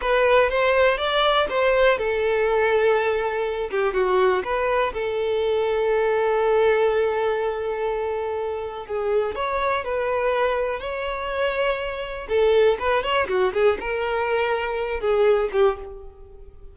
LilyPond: \new Staff \with { instrumentName = "violin" } { \time 4/4 \tempo 4 = 122 b'4 c''4 d''4 c''4 | a'2.~ a'8 g'8 | fis'4 b'4 a'2~ | a'1~ |
a'2 gis'4 cis''4 | b'2 cis''2~ | cis''4 a'4 b'8 cis''8 fis'8 gis'8 | ais'2~ ais'8 gis'4 g'8 | }